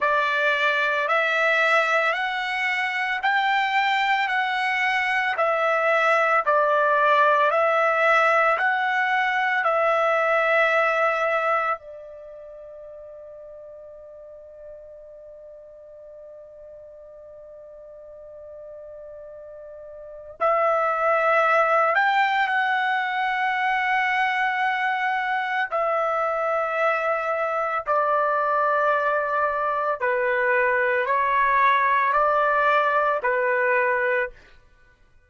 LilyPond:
\new Staff \with { instrumentName = "trumpet" } { \time 4/4 \tempo 4 = 56 d''4 e''4 fis''4 g''4 | fis''4 e''4 d''4 e''4 | fis''4 e''2 d''4~ | d''1~ |
d''2. e''4~ | e''8 g''8 fis''2. | e''2 d''2 | b'4 cis''4 d''4 b'4 | }